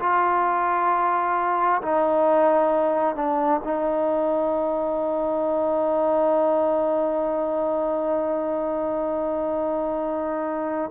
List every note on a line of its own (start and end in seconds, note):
0.00 1.82 F4
1.82 3.16 D#4
3.16 3.62 D4
3.64 10.91 D#4